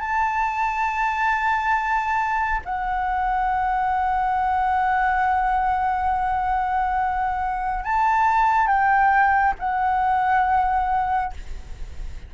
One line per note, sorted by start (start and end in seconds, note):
0.00 2.61 A5
2.65 7.85 F#5
7.85 8.67 A5
8.67 9.54 G5
9.60 11.34 F#5